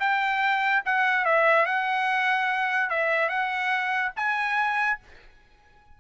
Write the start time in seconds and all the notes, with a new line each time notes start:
0.00 G5
0.86 F#5
1.25 E5
1.66 F#5
2.90 E5
3.29 F#5
4.16 G#5